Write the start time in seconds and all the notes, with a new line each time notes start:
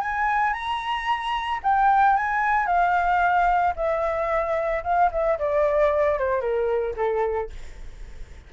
0.00 G#5
0.53 A#5
1.63 G5
2.16 G#5
2.66 F5
3.76 E5
4.83 F5
5.11 E5
5.38 D5
6.18 C5
6.40 A#4
6.96 A4